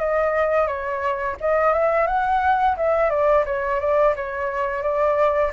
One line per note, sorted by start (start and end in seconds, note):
0.00 0.67 D#5
0.67 1.36 C#5
1.40 1.73 D#5
1.73 2.07 E5
2.07 2.76 F#5
2.77 3.10 E5
3.10 3.45 D5
3.46 3.80 C#5
3.80 4.15 D5
4.16 4.83 C#5
4.83 5.52 D5